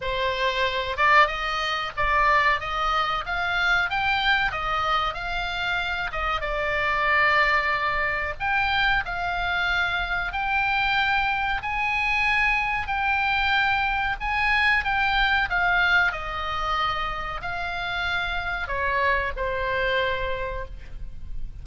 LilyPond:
\new Staff \with { instrumentName = "oboe" } { \time 4/4 \tempo 4 = 93 c''4. d''8 dis''4 d''4 | dis''4 f''4 g''4 dis''4 | f''4. dis''8 d''2~ | d''4 g''4 f''2 |
g''2 gis''2 | g''2 gis''4 g''4 | f''4 dis''2 f''4~ | f''4 cis''4 c''2 | }